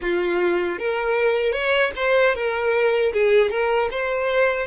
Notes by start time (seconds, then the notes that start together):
0.01 F4
0.78 A#4
1.52 C#5
1.96 C5
2.34 A#4
3.12 G#4
3.50 A#4
3.91 C5